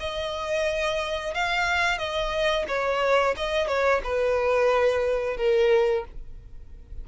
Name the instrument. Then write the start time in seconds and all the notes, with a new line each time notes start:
violin
0.00 D#5
1.35 F5
1.98 D#5
2.68 C#5
3.37 D#5
3.68 C#5
4.04 B4
5.37 A#4